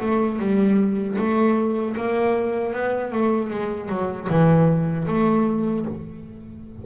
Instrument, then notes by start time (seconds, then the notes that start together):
double bass
0.00 A3
0.39 G3
1.18 A3
1.96 A#3
2.73 B3
3.12 A3
3.50 G#3
3.89 F#3
4.29 E3
5.07 A3